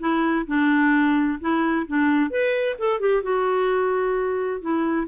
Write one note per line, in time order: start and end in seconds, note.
0.00 0.46 E4
0.47 1.40 D4
1.41 1.87 E4
1.88 2.31 D4
2.31 2.77 B4
2.79 3.01 A4
3.01 3.23 G4
3.23 4.62 F#4
4.62 5.08 E4